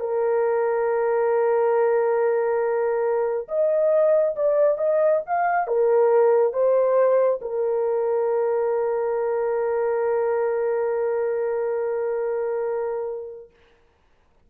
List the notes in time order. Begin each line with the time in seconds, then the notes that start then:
0.00 A#4
3.48 D#5
4.36 D5
4.78 D#5
5.26 F5
5.67 A#4
6.53 C5
7.42 A#4